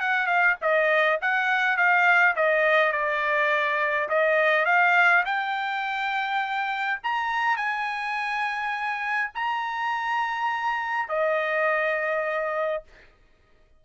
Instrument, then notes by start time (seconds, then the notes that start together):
trumpet
0.00 F#5
0.26 F5
0.61 D#5
1.21 F#5
1.77 F5
2.35 D#5
2.92 D5
4.09 D#5
4.65 F5
5.25 G5
7.03 A#5
7.56 G#5
9.34 A#5
11.08 D#5